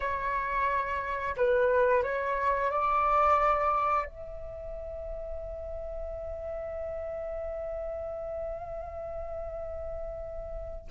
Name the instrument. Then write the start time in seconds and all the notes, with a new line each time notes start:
flute
0.00 C#5
1.36 B4
2.03 C#5
2.71 D5
4.05 E5